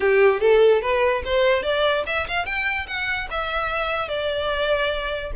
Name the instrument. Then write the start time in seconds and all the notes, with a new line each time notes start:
violin
0.00 G4
0.40 A4
0.81 B4
1.25 C5
1.63 D5
2.06 E5
2.27 F5
2.45 G5
2.87 F#5
3.30 E5
4.08 D5